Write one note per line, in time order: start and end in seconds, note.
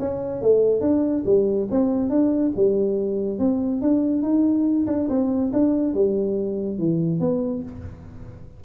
0.00 0.42 C#4
0.42 0.81 A3
0.81 1.24 D4
1.26 1.68 G3
1.71 2.10 C4
2.10 2.52 D4
2.56 3.39 G3
3.39 3.82 C4
3.82 4.23 D4
4.23 4.86 D#4
4.87 5.09 D4
5.09 5.52 C4
5.53 5.94 D4
5.94 6.79 G3
6.79 7.21 E3
7.21 7.63 B3